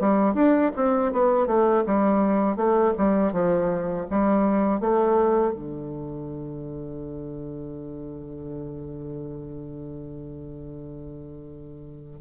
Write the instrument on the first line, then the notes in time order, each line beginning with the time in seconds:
bassoon
0.00 G3
0.34 D4
0.76 C4
1.12 B3
1.47 A3
1.86 G3
2.56 A3
2.97 G3
3.33 F3
4.10 G3
4.80 A3
5.54 D3